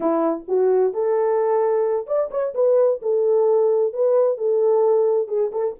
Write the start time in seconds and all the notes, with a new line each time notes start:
0.00 E4
0.48 F#4
0.93 A4
2.06 D5
2.30 C#5
2.54 B4
3.02 A4
3.93 B4
4.37 A4
5.28 G#4
5.52 A4